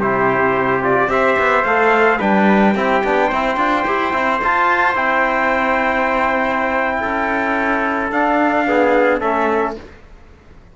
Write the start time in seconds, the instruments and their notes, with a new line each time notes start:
0.00 cello C3, trombone E4, trumpet G4 C5
0.82 trombone F4, trumpet D5
1.08 cello C4, trombone G4, trumpet C5 E5
1.39 cello B3
1.64 cello A3, trombone A4, trumpet F5
2.19 cello G3, trombone D4, trumpet B4 G5
2.74 cello C4, trombone E4, trumpet G4
3.04 cello B3, trombone D4
3.28 cello C4, trombone E4, trumpet C5
3.57 cello D4, trombone F4
3.85 cello E4, trombone G4
4.13 cello C4, trombone E4
4.43 trombone F4, cello F4, trumpet A5
4.95 cello C4, trombone E4, trumpet G5
7.01 cello C#4, trumpet A4
8.12 trombone D4, cello D4, trumpet F5
8.67 trombone B3, trumpet G#4
9.21 cello A3, trombone C#4, trumpet A4 E5